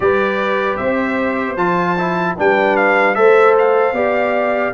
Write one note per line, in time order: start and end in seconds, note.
0.00 0.78 G3
0.00 1.57 G4
0.00 0.79 B4
0.00 0.76 D5
0.76 1.56 C4
0.76 2.37 C5
0.76 1.55 E5
1.56 2.35 F3
1.56 1.96 F4
1.56 2.35 A5
1.98 2.37 E4
2.37 3.16 G3
2.37 3.15 D4
2.37 3.16 B4
2.37 2.76 G5
2.76 3.14 F5
3.14 3.93 A3
3.14 3.94 A4
3.14 3.94 C5
3.14 3.54 E5
3.58 4.74 F5
3.93 4.72 B3
3.93 4.73 G4
3.93 4.73 D5